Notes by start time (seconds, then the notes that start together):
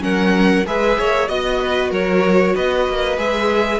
0.00 F#3 C#4 A#4 F#5
0.66 G#3 G#4 B4 E5
0.99 A#3 C#5
1.28 B3 F#4 D#5
1.61 B4
1.91 F#3 A#4 C#5
2.54 B3 B4 D#5
2.89 A#3
3.18 G#3 G#4 E5